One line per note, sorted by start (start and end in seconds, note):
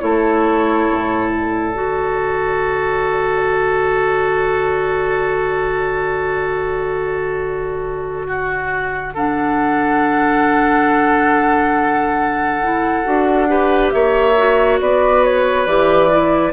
0.00 0.89 A3
0.00 1.74 E4
0.00 8.28 A4
0.00 1.29 C#5
0.91 1.75 A2
1.29 9.12 D5
1.74 13.06 D3
1.74 9.13 F#4
8.28 9.14 F#4
9.14 12.63 D4
9.14 13.49 A4
9.14 13.91 F#5
12.63 13.04 E4
13.04 13.93 D4
13.04 13.48 F#4
13.48 14.35 G4
13.48 13.93 B4
13.91 14.80 A#3
13.91 14.81 C#5
13.91 14.78 E5
14.37 15.67 F#4
14.80 15.66 B3
14.80 16.53 B4
14.80 15.24 D5
15.24 15.66 C#5
15.66 16.53 E3
15.66 16.10 G4
15.66 16.53 D5
16.10 16.53 E4